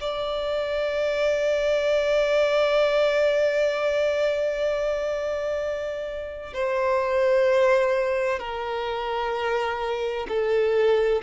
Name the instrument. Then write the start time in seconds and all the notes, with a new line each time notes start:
violin
0.00 D5
6.53 C5
8.39 A#4
10.28 A4